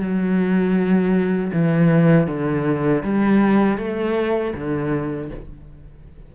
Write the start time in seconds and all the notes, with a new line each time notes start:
0.00 F#3
1.53 E3
2.28 D3
3.04 G3
3.78 A3
4.55 D3